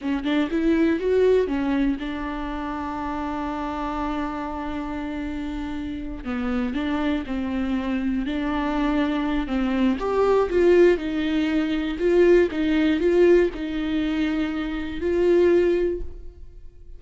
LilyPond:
\new Staff \with { instrumentName = "viola" } { \time 4/4 \tempo 4 = 120 cis'8 d'8 e'4 fis'4 cis'4 | d'1~ | d'1~ | d'8 b4 d'4 c'4.~ |
c'8 d'2~ d'8 c'4 | g'4 f'4 dis'2 | f'4 dis'4 f'4 dis'4~ | dis'2 f'2 | }